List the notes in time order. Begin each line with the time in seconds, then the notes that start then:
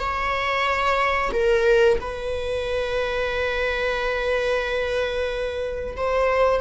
0.00 C#5
1.33 A#4
2.01 B4
5.97 C5